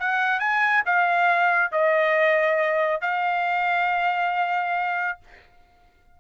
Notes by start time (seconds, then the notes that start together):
0.00 F#5
0.40 G#5
0.86 F5
1.72 D#5
3.02 F5